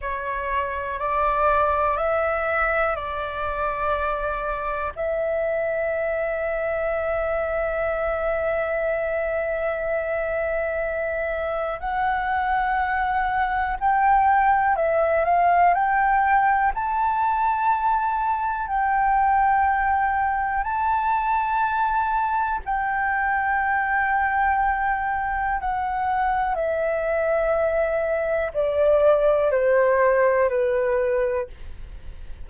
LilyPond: \new Staff \with { instrumentName = "flute" } { \time 4/4 \tempo 4 = 61 cis''4 d''4 e''4 d''4~ | d''4 e''2.~ | e''1 | fis''2 g''4 e''8 f''8 |
g''4 a''2 g''4~ | g''4 a''2 g''4~ | g''2 fis''4 e''4~ | e''4 d''4 c''4 b'4 | }